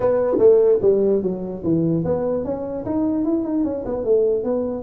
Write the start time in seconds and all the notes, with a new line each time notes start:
0.00 B3
0.38 A3
0.81 G3
1.22 F#3
1.63 E3
2.04 B3
2.44 C#4
2.85 D#4
3.24 E4
3.44 D#4
3.64 C#4
3.85 B3
4.04 A3
4.43 B3